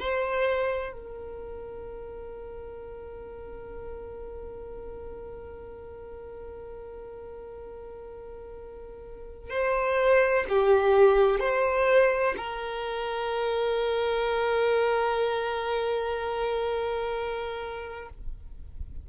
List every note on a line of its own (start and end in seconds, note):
0.00 0.93 C5
0.93 9.50 A#4
9.50 10.45 C5
10.49 11.40 G4
11.40 12.35 C5
12.37 18.09 A#4